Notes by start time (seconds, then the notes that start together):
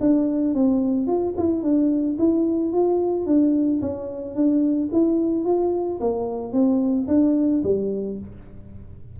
0.00 D4
0.54 C4
1.07 F4
1.37 E4
1.62 D4
2.18 E4
2.72 F4
3.26 D4
3.81 C#4
4.35 D4
4.92 E4
5.44 F4
6.00 A#3
6.52 C4
7.07 D4
7.63 G3